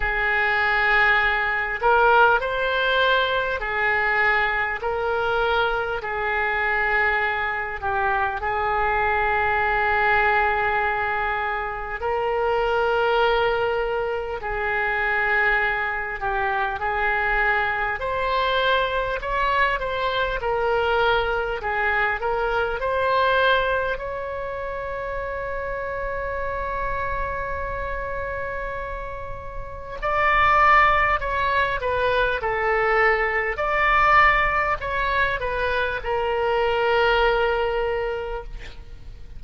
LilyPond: \new Staff \with { instrumentName = "oboe" } { \time 4/4 \tempo 4 = 50 gis'4. ais'8 c''4 gis'4 | ais'4 gis'4. g'8 gis'4~ | gis'2 ais'2 | gis'4. g'8 gis'4 c''4 |
cis''8 c''8 ais'4 gis'8 ais'8 c''4 | cis''1~ | cis''4 d''4 cis''8 b'8 a'4 | d''4 cis''8 b'8 ais'2 | }